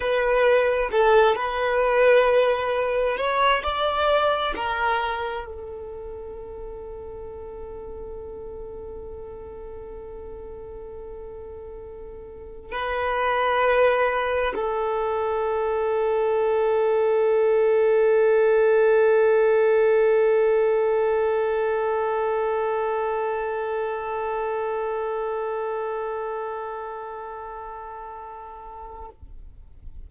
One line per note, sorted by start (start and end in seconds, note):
0.00 0.89 B4
0.91 1.35 A4
1.35 3.17 B4
3.17 3.62 C#5
3.63 4.54 D5
4.56 5.45 A#4
5.45 12.71 A4
12.71 14.53 B4
14.55 29.09 A4